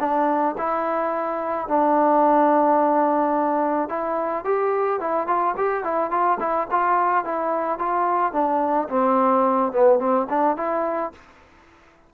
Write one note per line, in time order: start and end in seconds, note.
0.00 0.56 D4
0.58 1.68 E4
1.68 3.89 D4
3.89 4.45 E4
4.45 5.00 G4
5.01 5.27 E4
5.27 5.55 F4
5.57 5.84 G4
5.84 6.11 E4
6.11 6.38 F4
6.40 6.68 E4
6.71 7.25 F4
7.25 7.79 E4
7.79 8.33 F4
8.33 8.88 D4
8.89 9.72 C4
9.72 9.99 B3
9.99 10.27 C4
10.29 10.57 D4
10.57 11.13 E4